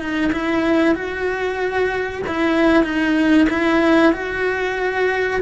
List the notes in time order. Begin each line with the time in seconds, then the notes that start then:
0.00 D#4
0.32 E4
0.95 F#4
2.28 E4
2.84 D#4
3.50 E4
4.13 F#4